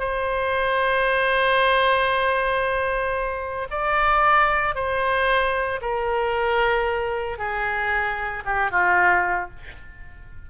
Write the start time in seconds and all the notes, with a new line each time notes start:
0.00 C5
3.71 D5
4.75 C5
5.82 A#4
7.39 G#4
8.45 G4
8.71 F4